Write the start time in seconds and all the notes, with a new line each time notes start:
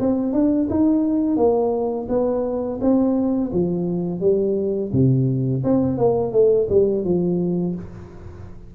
0.00 C4
0.33 D4
0.70 D#4
1.37 A#3
2.09 B3
2.81 C4
3.52 F3
4.20 G3
4.93 C3
5.64 C4
5.98 A#3
6.32 A3
6.69 G3
7.04 F3